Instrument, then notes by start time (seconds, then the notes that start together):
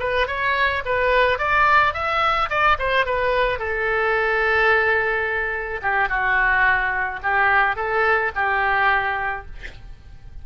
oboe
0.00 B4
0.27 C#5
0.86 B4
1.39 D5
1.94 E5
2.50 D5
2.79 C5
3.06 B4
3.59 A4
5.82 G4
6.09 F#4
7.23 G4
7.76 A4
8.35 G4